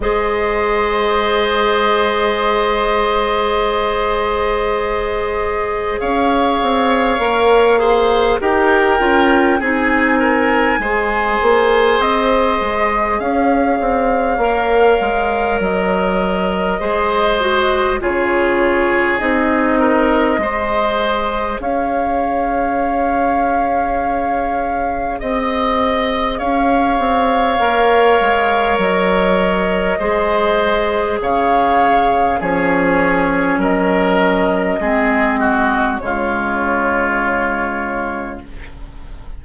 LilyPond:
<<
  \new Staff \with { instrumentName = "flute" } { \time 4/4 \tempo 4 = 50 dis''1~ | dis''4 f''2 g''4 | gis''2 dis''4 f''4~ | f''4 dis''2 cis''4 |
dis''2 f''2~ | f''4 dis''4 f''2 | dis''2 f''4 cis''4 | dis''2 cis''2 | }
  \new Staff \with { instrumentName = "oboe" } { \time 4/4 c''1~ | c''4 cis''4. c''8 ais'4 | gis'8 ais'8 c''2 cis''4~ | cis''2 c''4 gis'4~ |
gis'8 ais'8 c''4 cis''2~ | cis''4 dis''4 cis''2~ | cis''4 c''4 cis''4 gis'4 | ais'4 gis'8 fis'8 f'2 | }
  \new Staff \with { instrumentName = "clarinet" } { \time 4/4 gis'1~ | gis'2 ais'8 gis'8 g'8 f'8 | dis'4 gis'2. | ais'2 gis'8 fis'8 f'4 |
dis'4 gis'2.~ | gis'2. ais'4~ | ais'4 gis'2 cis'4~ | cis'4 c'4 gis2 | }
  \new Staff \with { instrumentName = "bassoon" } { \time 4/4 gis1~ | gis4 cis'8 c'8 ais4 dis'8 cis'8 | c'4 gis8 ais8 c'8 gis8 cis'8 c'8 | ais8 gis8 fis4 gis4 cis4 |
c'4 gis4 cis'2~ | cis'4 c'4 cis'8 c'8 ais8 gis8 | fis4 gis4 cis4 f4 | fis4 gis4 cis2 | }
>>